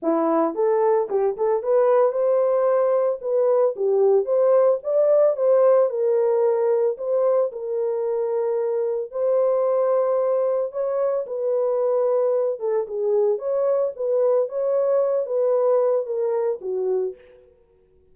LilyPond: \new Staff \with { instrumentName = "horn" } { \time 4/4 \tempo 4 = 112 e'4 a'4 g'8 a'8 b'4 | c''2 b'4 g'4 | c''4 d''4 c''4 ais'4~ | ais'4 c''4 ais'2~ |
ais'4 c''2. | cis''4 b'2~ b'8 a'8 | gis'4 cis''4 b'4 cis''4~ | cis''8 b'4. ais'4 fis'4 | }